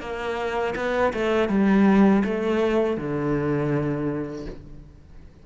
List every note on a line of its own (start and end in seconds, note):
0.00 0.74 A#3
0.75 1.12 B3
1.13 1.48 A3
1.48 2.23 G3
2.24 2.97 A3
2.97 4.45 D3